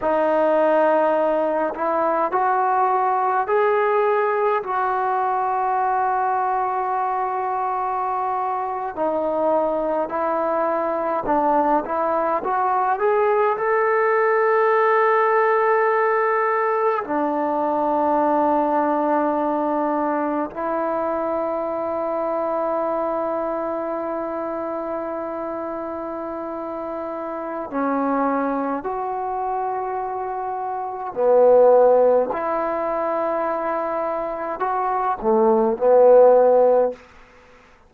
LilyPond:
\new Staff \with { instrumentName = "trombone" } { \time 4/4 \tempo 4 = 52 dis'4. e'8 fis'4 gis'4 | fis'2.~ fis'8. dis'16~ | dis'8. e'4 d'8 e'8 fis'8 gis'8 a'16~ | a'2~ a'8. d'4~ d'16~ |
d'4.~ d'16 e'2~ e'16~ | e'1 | cis'4 fis'2 b4 | e'2 fis'8 a8 b4 | }